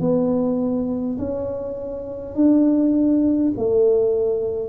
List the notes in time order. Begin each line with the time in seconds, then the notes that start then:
0.00 B3
1.18 C#4
2.35 D4
3.57 A3